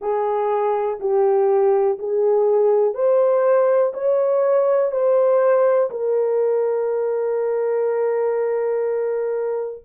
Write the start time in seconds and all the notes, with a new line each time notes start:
0.00 G#4
1.00 G4
1.99 G#4
2.94 C5
3.93 C#5
4.91 C5
5.90 A#4